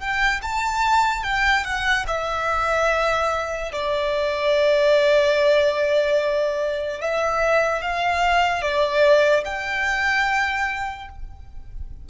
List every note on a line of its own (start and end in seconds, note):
0.00 0.41 G5
0.42 1.24 A5
1.24 1.64 G5
1.64 2.05 F#5
2.08 3.72 E5
3.72 7.01 D5
7.01 7.82 E5
7.82 8.62 F5
8.62 9.44 D5
9.45 11.09 G5